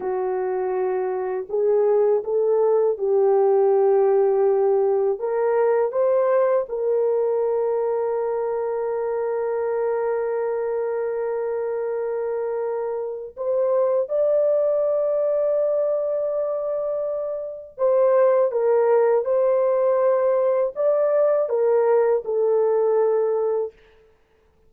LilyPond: \new Staff \with { instrumentName = "horn" } { \time 4/4 \tempo 4 = 81 fis'2 gis'4 a'4 | g'2. ais'4 | c''4 ais'2.~ | ais'1~ |
ais'2 c''4 d''4~ | d''1 | c''4 ais'4 c''2 | d''4 ais'4 a'2 | }